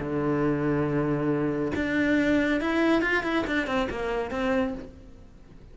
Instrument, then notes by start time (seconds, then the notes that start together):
cello
0.00 D3
1.76 D4
2.61 E4
3.02 F4
3.24 E4
3.47 D4
3.67 C4
3.91 A#3
4.31 C4